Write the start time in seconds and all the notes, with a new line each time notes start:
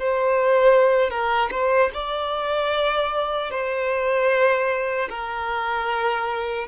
0.00 C5
1.11 A#4
1.52 C5
1.94 D5
3.51 C5
5.10 A#4